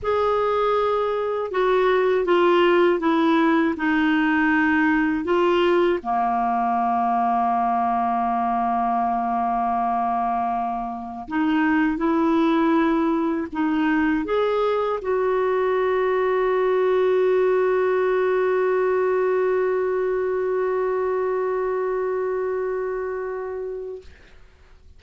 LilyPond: \new Staff \with { instrumentName = "clarinet" } { \time 4/4 \tempo 4 = 80 gis'2 fis'4 f'4 | e'4 dis'2 f'4 | ais1~ | ais2. dis'4 |
e'2 dis'4 gis'4 | fis'1~ | fis'1~ | fis'1 | }